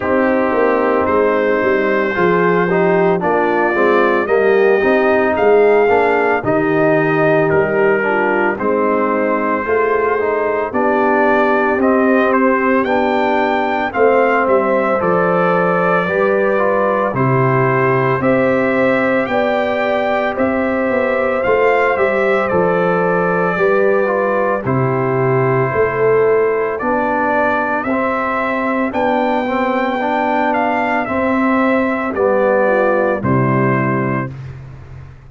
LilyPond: <<
  \new Staff \with { instrumentName = "trumpet" } { \time 4/4 \tempo 4 = 56 g'4 c''2 d''4 | dis''4 f''4 dis''4 ais'4 | c''2 d''4 dis''8 c''8 | g''4 f''8 e''8 d''2 |
c''4 e''4 g''4 e''4 | f''8 e''8 d''2 c''4~ | c''4 d''4 e''4 g''4~ | g''8 f''8 e''4 d''4 c''4 | }
  \new Staff \with { instrumentName = "horn" } { \time 4/4 dis'2 gis'8 g'8 f'4 | g'4 gis'4 g'4. f'8 | dis'4 gis'4 g'2~ | g'4 c''2 b'4 |
g'4 c''4 d''4 c''4~ | c''2 b'4 g'4 | a'4 g'2.~ | g'2~ g'8 f'8 e'4 | }
  \new Staff \with { instrumentName = "trombone" } { \time 4/4 c'2 f'8 dis'8 d'8 c'8 | ais8 dis'4 d'8 dis'4. d'8 | c'4 f'8 dis'8 d'4 c'4 | d'4 c'4 a'4 g'8 f'8 |
e'4 g'2. | f'8 g'8 a'4 g'8 f'8 e'4~ | e'4 d'4 c'4 d'8 c'8 | d'4 c'4 b4 g4 | }
  \new Staff \with { instrumentName = "tuba" } { \time 4/4 c'8 ais8 gis8 g8 f4 ais8 gis8 | g8 c'8 gis8 ais8 dis4 g4 | gis4 a4 b4 c'4 | b4 a8 g8 f4 g4 |
c4 c'4 b4 c'8 b8 | a8 g8 f4 g4 c4 | a4 b4 c'4 b4~ | b4 c'4 g4 c4 | }
>>